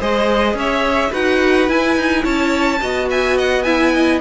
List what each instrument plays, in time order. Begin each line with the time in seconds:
0.00 cello G#3, viola G#4, violin C5 D#5
0.54 cello C#4, violin C#5 E5
1.11 cello D#4, viola F#4, violin B4 F#5
1.68 viola E4, cello E4, violin G#5
1.97 cello D#4
2.24 cello C#4, violin C#5 A5
2.81 cello B3, viola F#4, violin D#5
3.10 violin E5 G#5
3.37 violin D#5 F#5
3.63 viola E4, violin E5 G#5
3.94 violin D#5